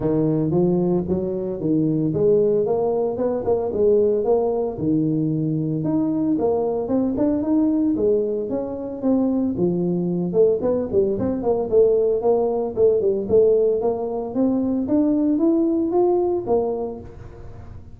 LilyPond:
\new Staff \with { instrumentName = "tuba" } { \time 4/4 \tempo 4 = 113 dis4 f4 fis4 dis4 | gis4 ais4 b8 ais8 gis4 | ais4 dis2 dis'4 | ais4 c'8 d'8 dis'4 gis4 |
cis'4 c'4 f4. a8 | b8 g8 c'8 ais8 a4 ais4 | a8 g8 a4 ais4 c'4 | d'4 e'4 f'4 ais4 | }